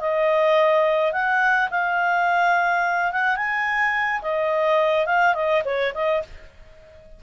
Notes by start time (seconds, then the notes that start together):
0.00 D#5
1.12 F#5
1.70 F5
3.12 F#5
3.36 G#5
4.22 D#5
5.06 F5
5.34 D#5
5.65 C#5
5.94 D#5